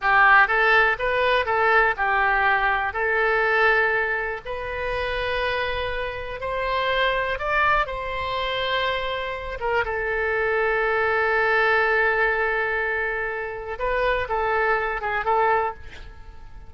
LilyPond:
\new Staff \with { instrumentName = "oboe" } { \time 4/4 \tempo 4 = 122 g'4 a'4 b'4 a'4 | g'2 a'2~ | a'4 b'2.~ | b'4 c''2 d''4 |
c''2.~ c''8 ais'8 | a'1~ | a'1 | b'4 a'4. gis'8 a'4 | }